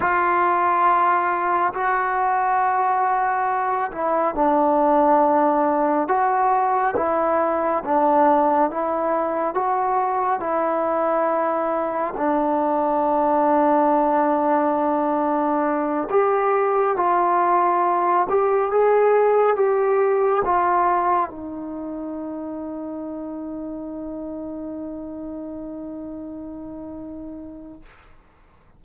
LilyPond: \new Staff \with { instrumentName = "trombone" } { \time 4/4 \tempo 4 = 69 f'2 fis'2~ | fis'8 e'8 d'2 fis'4 | e'4 d'4 e'4 fis'4 | e'2 d'2~ |
d'2~ d'8 g'4 f'8~ | f'4 g'8 gis'4 g'4 f'8~ | f'8 dis'2.~ dis'8~ | dis'1 | }